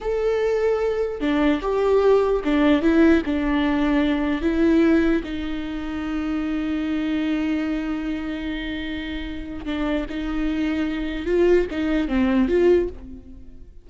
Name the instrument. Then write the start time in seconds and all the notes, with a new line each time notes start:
viola
0.00 A4
1.20 D4
1.61 G4
2.44 D4
2.82 E4
3.25 D4
4.41 E4
5.23 D#4
9.65 D4
10.09 D#4
11.26 F4
11.71 D#4
12.08 C4
12.48 F4